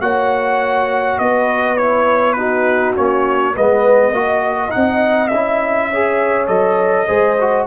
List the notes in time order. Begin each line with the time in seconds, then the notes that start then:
0.00 A#3 F#4 C#5 F#5
1.18 B3 B4 D#5
1.77 E4 C#5
2.33 D#4 F#4 B4
2.95 A#3 C#4 C#5
3.54 G#3 B3 B4 D#5
4.11 A#3 F#4 D#5
4.69 C4 D#4 F#5
5.27 C#4 E5
5.34 E4
5.90 G#4 C#5
6.47 F#3 A4 D#5
7.06 G#3 G#4 C5
7.40 F#4